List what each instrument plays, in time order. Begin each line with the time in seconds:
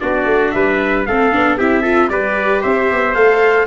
0.00 tuba B3, viola D4, trumpet F#4 D5
0.26 tuba A3
0.51 tuba G3, trumpet B4 E5
1.06 tuba A3, viola C4, trumpet A4 F5
1.33 tuba B3, viola D4
1.58 tuba C4, viola E4, trumpet G4 E5
1.82 viola F4, trumpet A4
2.10 tuba G3, viola G4, trumpet B4 D5
2.62 tuba C4, trumpet C5 E5
2.91 tuba B3
3.15 tuba A3, viola A4, trumpet F5